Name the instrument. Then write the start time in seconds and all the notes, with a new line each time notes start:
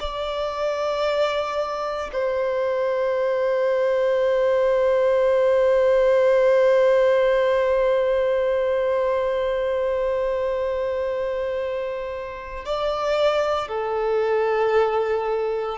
violin
0.00 D5
2.13 C5
12.65 D5
13.68 A4